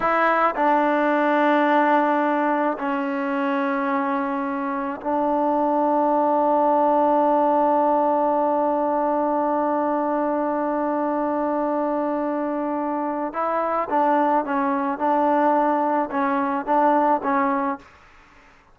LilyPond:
\new Staff \with { instrumentName = "trombone" } { \time 4/4 \tempo 4 = 108 e'4 d'2.~ | d'4 cis'2.~ | cis'4 d'2.~ | d'1~ |
d'1~ | d'1 | e'4 d'4 cis'4 d'4~ | d'4 cis'4 d'4 cis'4 | }